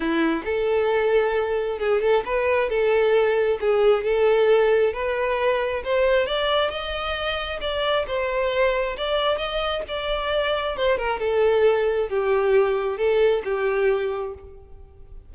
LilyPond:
\new Staff \with { instrumentName = "violin" } { \time 4/4 \tempo 4 = 134 e'4 a'2. | gis'8 a'8 b'4 a'2 | gis'4 a'2 b'4~ | b'4 c''4 d''4 dis''4~ |
dis''4 d''4 c''2 | d''4 dis''4 d''2 | c''8 ais'8 a'2 g'4~ | g'4 a'4 g'2 | }